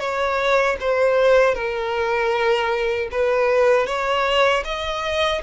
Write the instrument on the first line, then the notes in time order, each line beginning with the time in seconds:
violin
0.00 C#5
0.80 C5
1.55 A#4
3.12 B4
3.87 C#5
4.65 D#5